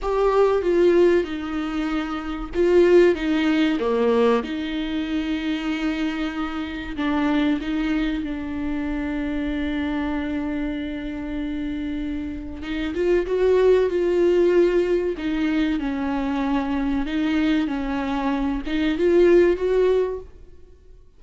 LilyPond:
\new Staff \with { instrumentName = "viola" } { \time 4/4 \tempo 4 = 95 g'4 f'4 dis'2 | f'4 dis'4 ais4 dis'4~ | dis'2. d'4 | dis'4 d'2.~ |
d'1 | dis'8 f'8 fis'4 f'2 | dis'4 cis'2 dis'4 | cis'4. dis'8 f'4 fis'4 | }